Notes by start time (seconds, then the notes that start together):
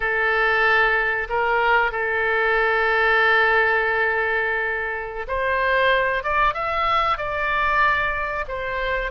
0.00 A4
1.29 A#4
1.91 A4
5.27 C5
6.23 D5
6.53 E5
7.17 D5
8.47 C5